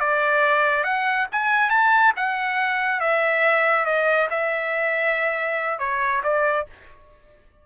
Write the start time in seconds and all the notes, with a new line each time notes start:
0.00 D5
0.84 F#5
1.32 G#5
1.70 A5
2.16 F#5
3.00 E5
3.85 D#5
4.30 E5
5.79 C#5
6.23 D5